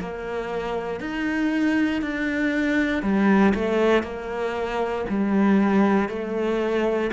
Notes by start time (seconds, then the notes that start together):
0.00 A#3
1.01 D#4
2.02 D4
3.03 G3
3.55 A3
4.04 A#3
5.09 G3
6.09 A3